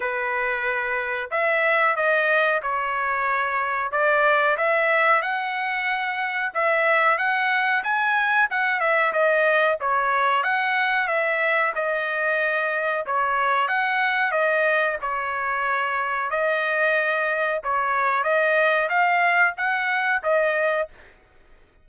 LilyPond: \new Staff \with { instrumentName = "trumpet" } { \time 4/4 \tempo 4 = 92 b'2 e''4 dis''4 | cis''2 d''4 e''4 | fis''2 e''4 fis''4 | gis''4 fis''8 e''8 dis''4 cis''4 |
fis''4 e''4 dis''2 | cis''4 fis''4 dis''4 cis''4~ | cis''4 dis''2 cis''4 | dis''4 f''4 fis''4 dis''4 | }